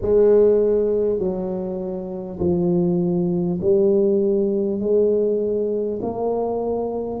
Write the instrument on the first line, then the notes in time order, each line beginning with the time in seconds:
tuba
0.01 G#3
1.18 F#3
2.39 F3
3.61 G3
4.80 G#3
6.02 A#3